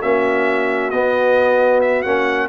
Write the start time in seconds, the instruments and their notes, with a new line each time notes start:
0.00 tuba A#3, trombone C#4, horn F#4, trumpet E5
0.90 tuba B3, trombone B3, trumpet D#5
1.81 trumpet E5
2.02 tuba A#3, trombone C#4, trumpet F#5